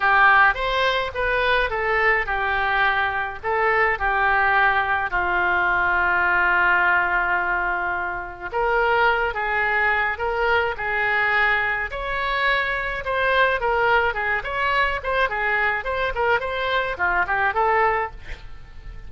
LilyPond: \new Staff \with { instrumentName = "oboe" } { \time 4/4 \tempo 4 = 106 g'4 c''4 b'4 a'4 | g'2 a'4 g'4~ | g'4 f'2.~ | f'2. ais'4~ |
ais'8 gis'4. ais'4 gis'4~ | gis'4 cis''2 c''4 | ais'4 gis'8 cis''4 c''8 gis'4 | c''8 ais'8 c''4 f'8 g'8 a'4 | }